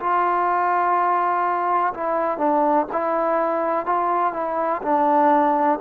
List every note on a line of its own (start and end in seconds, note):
0.00 1.94 F4
1.94 2.38 E4
2.38 2.86 D4
2.93 3.86 E4
3.86 4.33 F4
4.33 4.82 E4
4.83 5.79 D4